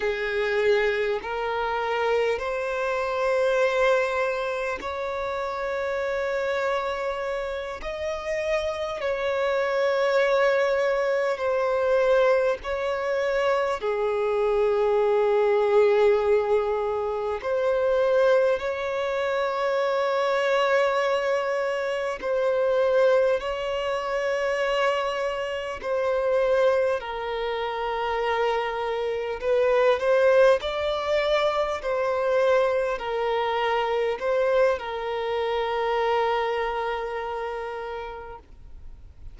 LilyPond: \new Staff \with { instrumentName = "violin" } { \time 4/4 \tempo 4 = 50 gis'4 ais'4 c''2 | cis''2~ cis''8 dis''4 cis''8~ | cis''4. c''4 cis''4 gis'8~ | gis'2~ gis'8 c''4 cis''8~ |
cis''2~ cis''8 c''4 cis''8~ | cis''4. c''4 ais'4.~ | ais'8 b'8 c''8 d''4 c''4 ais'8~ | ais'8 c''8 ais'2. | }